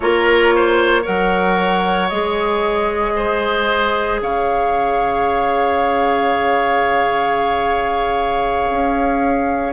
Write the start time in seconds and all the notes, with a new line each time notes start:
0.00 A#3 F4 A#4 C#5
0.55 C5
1.02 F#3 A#4 C#5 F#5
2.09 G#3 G#4 D#5
3.15 C5
4.21 C#3 C#5 F5
8.70 C#4